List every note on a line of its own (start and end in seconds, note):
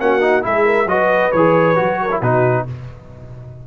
0.00 0.44 A#3
0.00 0.21 C#4
0.00 0.45 F#4
0.00 0.45 F#5
0.21 0.42 D#4
0.42 0.86 G#3
0.42 0.86 E4
0.42 0.65 G#4
0.42 0.88 E5
0.65 0.87 A#4
0.86 1.30 F#3
0.86 1.33 F#4
0.86 2.02 B4
0.86 1.32 D#5
1.32 1.78 E3
1.32 1.76 G#4
1.32 2.21 C#5
1.76 2.21 F#3
1.76 2.09 F#4
2.02 2.21 A#4
2.11 2.22 E4
2.21 2.66 B2
2.21 2.67 D#4
2.21 2.65 F#4
2.21 2.66 B4